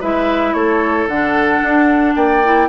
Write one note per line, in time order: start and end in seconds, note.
0.00 0.54 G#3
0.00 1.08 E4
0.00 0.54 B4
0.00 0.53 E5
0.53 1.07 A3
0.53 2.15 A4
0.53 1.07 C#5
1.07 1.60 D3
1.07 2.45 D4
1.07 2.15 F#5
1.63 2.15 D4
2.15 2.69 A#3
2.15 2.69 D5
2.15 2.69 G5
2.45 2.69 E4